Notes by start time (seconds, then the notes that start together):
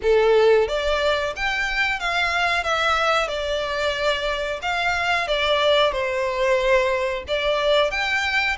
0.02 A4
0.67 D5
1.35 G5
1.99 F5
2.63 E5
3.28 D5
4.62 F5
5.27 D5
5.92 C5
7.27 D5
7.91 G5